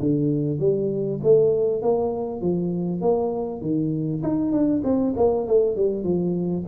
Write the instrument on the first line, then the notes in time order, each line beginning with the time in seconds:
tuba
0.00 D3
0.59 G3
1.23 A3
1.82 A#3
2.41 F3
3.01 A#3
3.61 D#3
4.23 D#4
4.52 D4
4.84 C4
5.17 A#3
5.47 A3
5.76 G3
6.04 F3